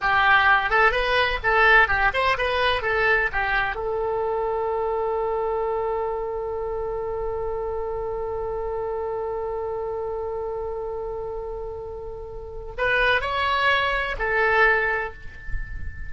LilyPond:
\new Staff \with { instrumentName = "oboe" } { \time 4/4 \tempo 4 = 127 g'4. a'8 b'4 a'4 | g'8 c''8 b'4 a'4 g'4 | a'1~ | a'1~ |
a'1~ | a'1~ | a'2. b'4 | cis''2 a'2 | }